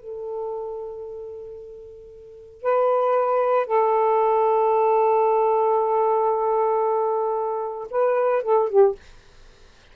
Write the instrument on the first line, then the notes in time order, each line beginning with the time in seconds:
saxophone
0.00 A4
2.62 B4
3.67 A4
7.91 B4
8.43 A4
8.69 G4